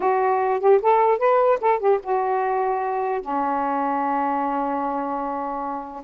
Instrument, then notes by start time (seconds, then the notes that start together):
saxophone
0.00 F#4
0.59 G4
0.82 A4
1.18 B4
1.61 A4
1.79 G4
2.03 F#4
3.21 C#4